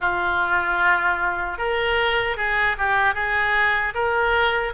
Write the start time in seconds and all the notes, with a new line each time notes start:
0.00 F4
1.58 A#4
2.36 G#4
2.77 G4
3.14 G#4
3.94 A#4